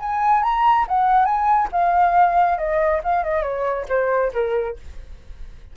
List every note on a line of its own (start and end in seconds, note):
0.00 0.43 G#5
0.43 0.86 A#5
0.88 1.25 F#5
1.25 1.69 G#5
1.72 2.58 F5
2.58 3.01 D#5
3.04 3.24 F5
3.24 3.43 D#5
3.43 3.86 C#5
3.89 4.32 C5
4.33 4.76 A#4